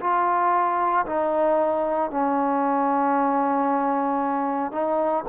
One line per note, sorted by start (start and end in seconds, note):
0.00 1.05 F4
1.05 2.10 D#4
2.10 4.71 C#4
4.71 5.24 D#4